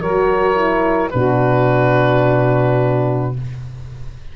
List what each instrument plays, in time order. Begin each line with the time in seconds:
0.00 tuba F#3, horn F#4, saxophone A#4, oboe C#5
0.55 horn E4
1.10 tuba B2, horn D4, saxophone F#4, oboe B4